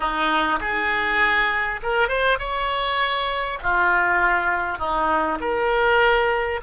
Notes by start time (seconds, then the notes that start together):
0.00 D#4
0.60 G#4
1.82 A#4
2.08 C5
2.38 C#5
3.62 F4
4.78 D#4
5.40 A#4